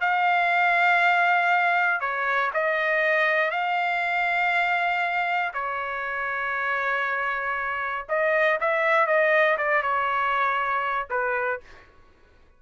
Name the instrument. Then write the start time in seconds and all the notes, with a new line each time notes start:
trumpet
0.00 F5
2.00 C#5
2.53 D#5
3.50 F5
5.53 C#5
8.08 D#5
8.60 E5
9.06 D#5
9.57 D5
9.82 C#5
11.10 B4